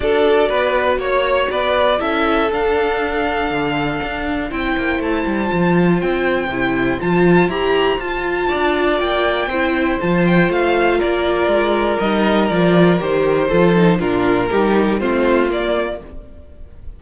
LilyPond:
<<
  \new Staff \with { instrumentName = "violin" } { \time 4/4 \tempo 4 = 120 d''2 cis''4 d''4 | e''4 f''2.~ | f''4 g''4 a''2 | g''2 a''4 ais''4 |
a''2 g''2 | a''8 g''8 f''4 d''2 | dis''4 d''4 c''2 | ais'2 c''4 d''4 | }
  \new Staff \with { instrumentName = "violin" } { \time 4/4 a'4 b'4 cis''4 b'4 | a'1~ | a'4 c''2.~ | c''1~ |
c''4 d''2 c''4~ | c''2 ais'2~ | ais'2. a'4 | f'4 g'4 f'2 | }
  \new Staff \with { instrumentName = "viola" } { \time 4/4 fis'1 | e'4 d'2.~ | d'4 e'2 f'4~ | f'4 e'4 f'4 g'4 |
f'2. e'4 | f'1 | dis'4 f'4 g'4 f'8 dis'8 | d'4 dis'4 c'4 ais4 | }
  \new Staff \with { instrumentName = "cello" } { \time 4/4 d'4 b4 ais4 b4 | cis'4 d'2 d4 | d'4 c'8 ais8 a8 g8 f4 | c'4 c4 f4 e'4 |
f'4 d'4 ais4 c'4 | f4 a4 ais4 gis4 | g4 f4 dis4 f4 | ais,4 g4 a4 ais4 | }
>>